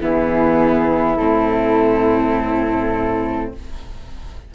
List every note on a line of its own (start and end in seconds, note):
0.00 1.18 E3
0.00 1.18 B3
0.00 3.54 E4
0.00 1.16 G#4
1.16 3.53 A2
1.16 3.54 C4
1.16 3.51 A4